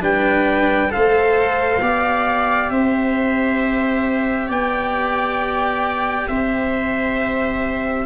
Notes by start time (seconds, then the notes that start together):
0.00 G3 D4 B4 G5
0.88 A4 C5 F5
0.95 A3
1.81 B3 G4 D5
2.69 C4 C5 E5
4.47 B3 D5 G5
6.27 C4 C5 E5